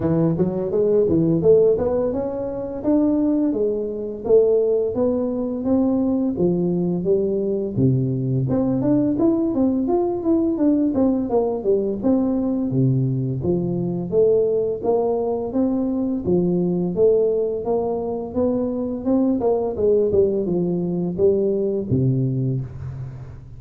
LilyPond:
\new Staff \with { instrumentName = "tuba" } { \time 4/4 \tempo 4 = 85 e8 fis8 gis8 e8 a8 b8 cis'4 | d'4 gis4 a4 b4 | c'4 f4 g4 c4 | c'8 d'8 e'8 c'8 f'8 e'8 d'8 c'8 |
ais8 g8 c'4 c4 f4 | a4 ais4 c'4 f4 | a4 ais4 b4 c'8 ais8 | gis8 g8 f4 g4 c4 | }